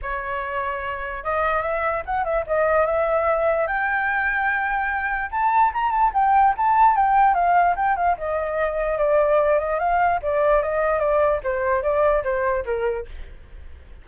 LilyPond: \new Staff \with { instrumentName = "flute" } { \time 4/4 \tempo 4 = 147 cis''2. dis''4 | e''4 fis''8 e''8 dis''4 e''4~ | e''4 g''2.~ | g''4 a''4 ais''8 a''8 g''4 |
a''4 g''4 f''4 g''8 f''8 | dis''2 d''4. dis''8 | f''4 d''4 dis''4 d''4 | c''4 d''4 c''4 ais'4 | }